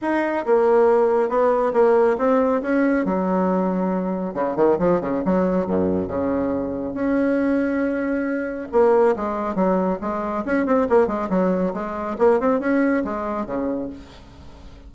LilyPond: \new Staff \with { instrumentName = "bassoon" } { \time 4/4 \tempo 4 = 138 dis'4 ais2 b4 | ais4 c'4 cis'4 fis4~ | fis2 cis8 dis8 f8 cis8 | fis4 fis,4 cis2 |
cis'1 | ais4 gis4 fis4 gis4 | cis'8 c'8 ais8 gis8 fis4 gis4 | ais8 c'8 cis'4 gis4 cis4 | }